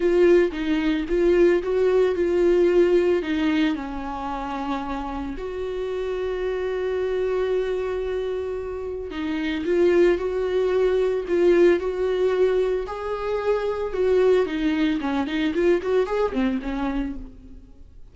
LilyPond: \new Staff \with { instrumentName = "viola" } { \time 4/4 \tempo 4 = 112 f'4 dis'4 f'4 fis'4 | f'2 dis'4 cis'4~ | cis'2 fis'2~ | fis'1~ |
fis'4 dis'4 f'4 fis'4~ | fis'4 f'4 fis'2 | gis'2 fis'4 dis'4 | cis'8 dis'8 f'8 fis'8 gis'8 c'8 cis'4 | }